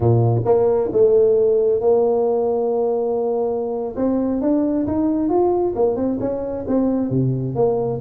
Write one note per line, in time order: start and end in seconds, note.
0.00 0.42 A#2
0.45 0.90 A#3
0.92 1.80 A3
1.80 3.95 A#3
3.96 4.41 C4
4.41 4.86 D4
4.86 5.29 D#4
5.29 5.74 F4
5.75 5.95 A#3
5.95 6.18 C4
6.20 6.65 C#4
6.67 7.09 C4
7.09 7.55 C3
7.55 8.00 A#3